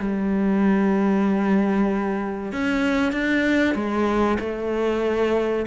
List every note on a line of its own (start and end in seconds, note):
0.00 2.53 G3
2.53 3.13 C#4
3.13 3.75 D4
3.75 4.38 G#3
4.40 5.66 A3